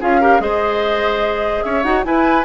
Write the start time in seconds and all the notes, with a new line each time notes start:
0.00 C#4 F4 G#4 F5
0.20 G4 A#4
0.39 G#3 G#4 C5 D#5
1.63 C#4 C#5 E5
1.83 D#4 F#4 F#5
2.03 E4 B4 G#5